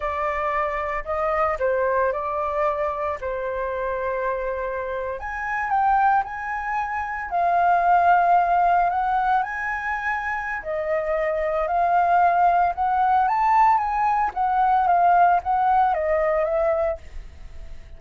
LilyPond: \new Staff \with { instrumentName = "flute" } { \time 4/4 \tempo 4 = 113 d''2 dis''4 c''4 | d''2 c''2~ | c''4.~ c''16 gis''4 g''4 gis''16~ | gis''4.~ gis''16 f''2~ f''16~ |
f''8. fis''4 gis''2~ gis''16 | dis''2 f''2 | fis''4 a''4 gis''4 fis''4 | f''4 fis''4 dis''4 e''4 | }